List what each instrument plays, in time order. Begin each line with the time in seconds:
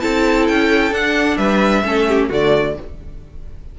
0.00 cello C4, viola E4, violin A4 A5
0.48 cello C#4, violin G5
0.91 cello D4, viola D4, violin F#5
1.37 cello G3, violin B4 E5
1.84 cello A3, viola C#4, violin A4
2.09 violin G4
2.29 cello D3, viola A3, violin F#4 D5